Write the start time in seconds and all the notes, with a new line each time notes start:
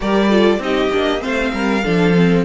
0.00 G3 G4 A#4 D5
0.28 F4 A4
0.58 C4 D#4 G4 D#5
0.92 A#3 D4
1.19 A3 C4 C5 F5
1.53 G3 A#4
1.84 F3 D4 A4
2.15 C4